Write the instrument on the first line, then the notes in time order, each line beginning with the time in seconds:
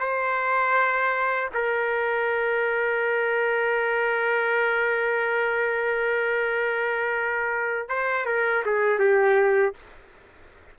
trumpet
0.00 C5
1.54 A#4
7.89 C5
8.26 A#4
8.66 G#4
9.00 G4